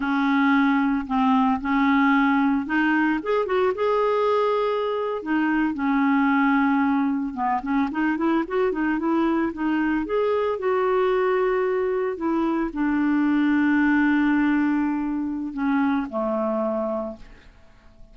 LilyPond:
\new Staff \with { instrumentName = "clarinet" } { \time 4/4 \tempo 4 = 112 cis'2 c'4 cis'4~ | cis'4 dis'4 gis'8 fis'8 gis'4~ | gis'4.~ gis'16 dis'4 cis'4~ cis'16~ | cis'4.~ cis'16 b8 cis'8 dis'8 e'8 fis'16~ |
fis'16 dis'8 e'4 dis'4 gis'4 fis'16~ | fis'2~ fis'8. e'4 d'16~ | d'1~ | d'4 cis'4 a2 | }